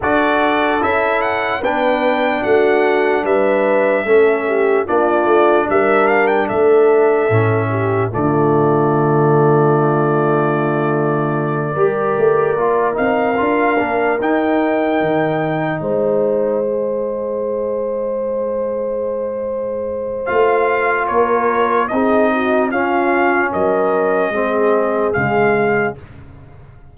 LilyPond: <<
  \new Staff \with { instrumentName = "trumpet" } { \time 4/4 \tempo 4 = 74 d''4 e''8 fis''8 g''4 fis''4 | e''2 d''4 e''8 f''16 g''16 | e''2 d''2~ | d''1 |
f''4. g''2 dis''8~ | dis''1~ | dis''4 f''4 cis''4 dis''4 | f''4 dis''2 f''4 | }
  \new Staff \with { instrumentName = "horn" } { \time 4/4 a'2 b'4 fis'4 | b'4 a'8 g'8 f'4 ais'4 | a'4. g'8 f'2~ | f'2~ f'8 ais'4.~ |
ais'2.~ ais'8 c''8~ | c''1~ | c''2 ais'4 gis'8 fis'8 | f'4 ais'4 gis'2 | }
  \new Staff \with { instrumentName = "trombone" } { \time 4/4 fis'4 e'4 d'2~ | d'4 cis'4 d'2~ | d'4 cis'4 a2~ | a2~ a8 g'4 f'8 |
dis'8 f'8 d'8 dis'2~ dis'8~ | dis'8 gis'2.~ gis'8~ | gis'4 f'2 dis'4 | cis'2 c'4 gis4 | }
  \new Staff \with { instrumentName = "tuba" } { \time 4/4 d'4 cis'4 b4 a4 | g4 a4 ais8 a8 g4 | a4 a,4 d2~ | d2~ d8 g8 a8 ais8 |
c'8 d'8 ais8 dis'4 dis4 gis8~ | gis1~ | gis4 a4 ais4 c'4 | cis'4 fis4 gis4 cis4 | }
>>